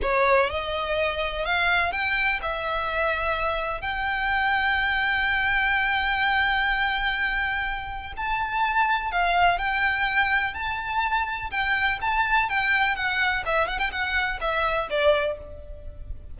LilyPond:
\new Staff \with { instrumentName = "violin" } { \time 4/4 \tempo 4 = 125 cis''4 dis''2 f''4 | g''4 e''2. | g''1~ | g''1~ |
g''4 a''2 f''4 | g''2 a''2 | g''4 a''4 g''4 fis''4 | e''8 fis''16 g''16 fis''4 e''4 d''4 | }